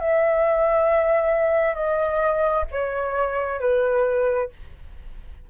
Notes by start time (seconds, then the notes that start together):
0.00 E5
1.75 D#5
2.72 C#5
3.61 B4